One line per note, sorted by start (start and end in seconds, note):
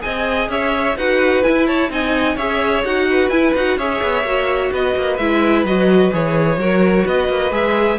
0.00 0.49 C4
0.00 0.94 G#4
0.00 0.50 D#5
0.00 0.49 G#5
0.49 0.95 C#4
0.49 0.97 C#5
0.49 0.97 E5
0.96 1.43 D#4
0.96 1.44 F#4
0.96 1.67 B4
0.96 1.43 F#5
1.43 1.90 E4
1.43 1.66 G#5
1.67 1.90 C#5
1.67 1.90 A5
1.90 2.36 C4
1.90 2.37 D#4
1.90 2.36 D#5
1.90 2.37 G#5
2.36 2.84 C#4
2.36 2.85 G#4
2.36 3.06 C#5
2.36 2.84 E5
2.84 3.29 D#4
2.84 3.32 F#4
2.84 3.29 F#5
3.10 3.78 B4
3.29 3.53 E4
3.29 3.55 E4
3.29 3.53 G#5
3.54 3.77 D#4
3.54 3.79 F#4
3.54 3.78 F#5
3.77 4.00 C#4
3.77 4.25 G#4
3.77 4.71 C#5
3.77 4.72 E5
4.02 4.23 B3
4.23 4.70 A#3
4.23 5.19 F#4
4.71 4.96 B3
4.71 6.59 B4
4.71 5.17 D#5
4.96 5.18 A#3
5.17 5.64 G#3
5.17 5.67 E4
5.17 5.64 E5
5.64 6.11 F#3
5.64 6.12 F#4
5.64 6.13 D#5
6.12 6.57 E3
6.12 6.59 G#4
6.12 7.07 C#5
6.57 7.04 F#3
6.57 7.51 F#4
6.57 7.05 A#4
7.05 7.29 B3
7.05 7.99 B4
7.05 7.54 D#5
7.29 7.51 A#3
7.51 7.98 G#3
7.51 7.98 G#4
7.51 7.99 E5